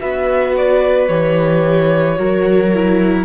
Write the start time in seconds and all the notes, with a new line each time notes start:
0.00 B3 F#4 B4 E5
0.57 D5
1.08 E3 G4 C#5
2.16 F#3 F#4 A#4
2.74 E4